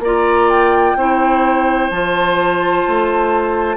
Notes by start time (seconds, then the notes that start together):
0.00 A#3 F4 D5 A#5
0.50 G5
0.96 C4 E4 C5
1.90 F3 F4 A5
2.88 A3